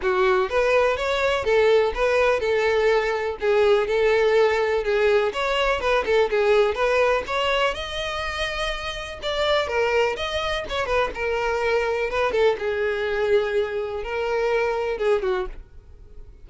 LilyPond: \new Staff \with { instrumentName = "violin" } { \time 4/4 \tempo 4 = 124 fis'4 b'4 cis''4 a'4 | b'4 a'2 gis'4 | a'2 gis'4 cis''4 | b'8 a'8 gis'4 b'4 cis''4 |
dis''2. d''4 | ais'4 dis''4 cis''8 b'8 ais'4~ | ais'4 b'8 a'8 gis'2~ | gis'4 ais'2 gis'8 fis'8 | }